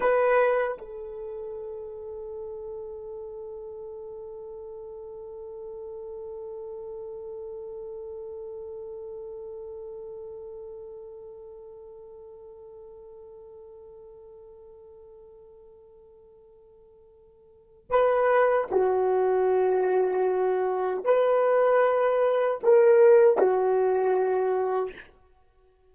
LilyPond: \new Staff \with { instrumentName = "horn" } { \time 4/4 \tempo 4 = 77 b'4 a'2.~ | a'1~ | a'1~ | a'1~ |
a'1~ | a'2. b'4 | fis'2. b'4~ | b'4 ais'4 fis'2 | }